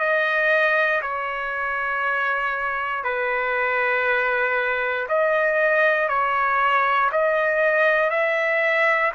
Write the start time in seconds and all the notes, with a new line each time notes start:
0.00 D#5
1.02 C#5
3.04 B4
5.09 D#5
6.09 C#5
7.12 D#5
8.10 E5